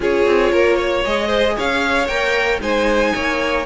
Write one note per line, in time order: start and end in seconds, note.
0.00 0.26 C#4
0.00 1.04 F4
0.00 0.52 G#4
0.00 1.04 C#5
0.26 0.52 C4
0.52 1.05 A#3
0.52 0.76 A#4
0.76 1.27 C#5
1.04 1.57 G#3
1.04 2.08 G#4
1.04 1.57 D#5
1.27 1.53 C5
1.57 2.08 C#4
1.57 2.61 C#5
1.57 2.07 F5
2.07 2.60 A#3
2.07 2.59 A#4
2.07 2.59 G5
2.59 3.13 G#3
2.59 3.64 D#4
2.59 3.13 C5
2.59 3.65 G#5
3.15 3.65 A#3
3.15 3.65 C#5